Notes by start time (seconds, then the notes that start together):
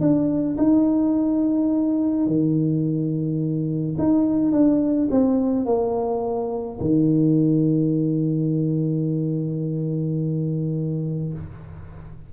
0.00 D4
0.58 D#4
2.26 D#3
3.98 D#4
4.52 D4
5.11 C4
5.65 A#3
6.81 D#3